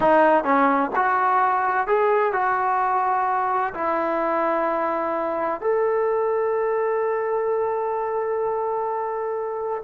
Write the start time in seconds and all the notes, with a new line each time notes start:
0.00 D#4
0.44 C#4
0.95 F#4
1.87 G#4
2.32 F#4
3.74 E4
5.60 A4